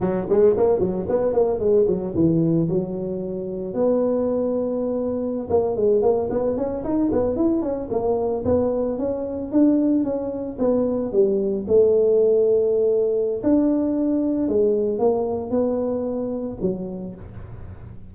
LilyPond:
\new Staff \with { instrumentName = "tuba" } { \time 4/4 \tempo 4 = 112 fis8 gis8 ais8 fis8 b8 ais8 gis8 fis8 | e4 fis2 b4~ | b2~ b16 ais8 gis8 ais8 b16~ | b16 cis'8 dis'8 b8 e'8 cis'8 ais4 b16~ |
b8. cis'4 d'4 cis'4 b16~ | b8. g4 a2~ a16~ | a4 d'2 gis4 | ais4 b2 fis4 | }